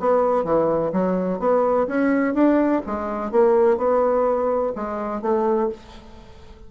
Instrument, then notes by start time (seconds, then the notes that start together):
bassoon
0.00 B3
0.44 E3
0.93 F#3
1.40 B3
1.88 C#4
2.34 D4
2.86 G#3
3.32 A#3
3.78 B3
4.76 G#3
5.22 A3